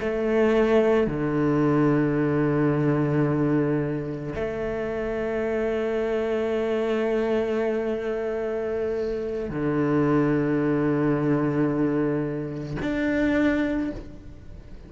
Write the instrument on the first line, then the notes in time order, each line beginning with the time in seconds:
cello
0.00 A3
1.07 D3
4.34 A3
9.50 D3
12.81 D4